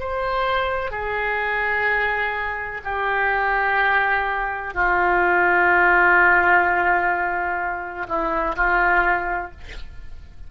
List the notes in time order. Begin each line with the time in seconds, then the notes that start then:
0.00 C5
0.91 G#4
2.84 G4
4.74 F4
8.08 E4
8.56 F4